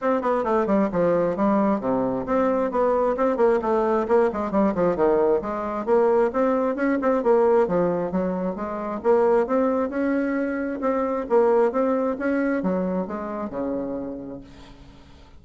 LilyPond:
\new Staff \with { instrumentName = "bassoon" } { \time 4/4 \tempo 4 = 133 c'8 b8 a8 g8 f4 g4 | c4 c'4 b4 c'8 ais8 | a4 ais8 gis8 g8 f8 dis4 | gis4 ais4 c'4 cis'8 c'8 |
ais4 f4 fis4 gis4 | ais4 c'4 cis'2 | c'4 ais4 c'4 cis'4 | fis4 gis4 cis2 | }